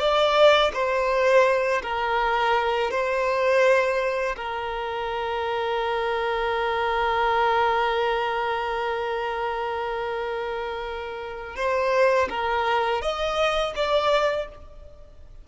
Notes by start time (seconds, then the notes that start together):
0.00 D5
0.74 C5
1.83 A#4
2.91 C5
4.37 A#4
11.56 C5
12.30 A#4
13.02 D#5
13.76 D5